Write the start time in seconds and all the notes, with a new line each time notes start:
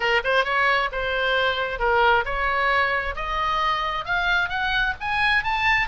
0.00 A#4
0.24 C5
0.44 C#5
0.91 C5
1.79 A#4
2.25 C#5
3.15 D#5
4.05 F5
4.49 F#5
5.00 G#5
5.43 A5